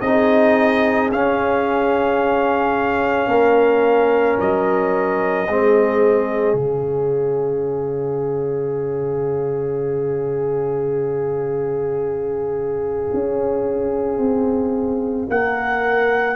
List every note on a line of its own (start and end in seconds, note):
0.00 1.10 C4
0.00 1.11 D#4
0.00 3.29 G#4
0.00 1.09 D#5
1.11 5.47 C#4
1.11 3.27 C#4
1.11 4.39 F5
3.27 4.36 A#3
3.27 5.47 A#4
4.40 5.47 F#3
4.40 6.56 D#5
5.47 6.53 G#3
5.47 6.56 C4
5.47 15.30 G#4
6.53 13.08 C#3
6.53 16.36 C#4
6.53 15.28 F5
13.13 14.18 C#4
14.18 15.27 C4
15.29 16.36 A#3
15.29 16.36 A#4
15.29 16.36 F#5